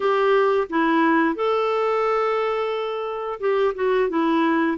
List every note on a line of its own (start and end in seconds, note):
0.00 0.67 G4
0.69 1.35 E4
1.35 3.39 A4
3.39 3.73 G4
3.75 4.09 F#4
4.09 4.77 E4